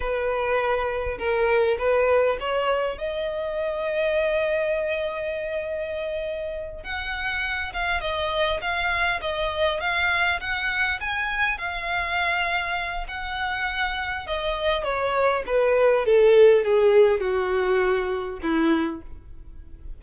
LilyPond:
\new Staff \with { instrumentName = "violin" } { \time 4/4 \tempo 4 = 101 b'2 ais'4 b'4 | cis''4 dis''2.~ | dis''2.~ dis''8 fis''8~ | fis''4 f''8 dis''4 f''4 dis''8~ |
dis''8 f''4 fis''4 gis''4 f''8~ | f''2 fis''2 | dis''4 cis''4 b'4 a'4 | gis'4 fis'2 e'4 | }